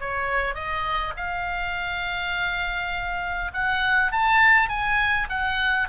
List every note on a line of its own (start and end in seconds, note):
0.00 0.55 C#5
0.55 1.13 D#5
1.17 3.52 F5
3.53 4.12 F#5
4.12 4.69 A5
4.69 5.28 G#5
5.29 5.88 F#5